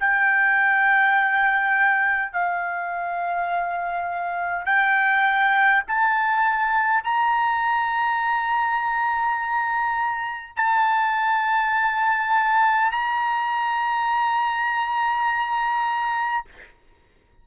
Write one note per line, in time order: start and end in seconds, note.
0.00 2.33 G5
2.33 4.66 F5
4.66 5.83 G5
5.88 7.04 A5
7.04 10.57 A#5
10.57 12.92 A5
12.92 16.45 A#5